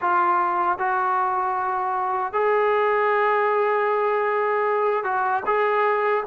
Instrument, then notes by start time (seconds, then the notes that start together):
trombone
0.01 F4
0.78 F#4
2.32 G#4
5.04 F#4
5.45 G#4